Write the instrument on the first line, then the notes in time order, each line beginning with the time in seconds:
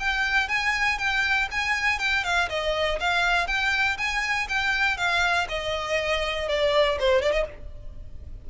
violin
0.00 G5
0.49 G#5
0.99 G5
1.51 G#5
1.99 G5
2.24 F5
2.49 D#5
3.00 F5
3.47 G5
3.98 G#5
4.49 G5
4.97 F5
5.49 D#5
6.49 D5
7.00 C5
7.22 D5
7.32 D#5